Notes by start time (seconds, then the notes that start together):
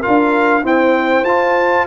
0.00 F4 A#4 F5
0.07 D4
0.62 C4 E4 C5 G5
1.24 F4 A5